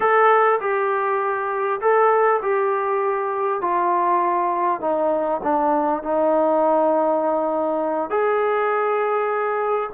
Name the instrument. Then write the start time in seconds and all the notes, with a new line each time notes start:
trombone
0.00 A4
0.60 G4
1.80 A4
2.42 G4
3.61 F4
4.80 D#4
5.43 D4
6.02 D#4
8.09 G#4